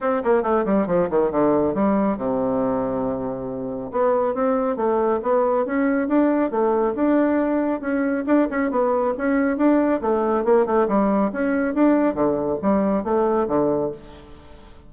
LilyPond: \new Staff \with { instrumentName = "bassoon" } { \time 4/4 \tempo 4 = 138 c'8 ais8 a8 g8 f8 dis8 d4 | g4 c2.~ | c4 b4 c'4 a4 | b4 cis'4 d'4 a4 |
d'2 cis'4 d'8 cis'8 | b4 cis'4 d'4 a4 | ais8 a8 g4 cis'4 d'4 | d4 g4 a4 d4 | }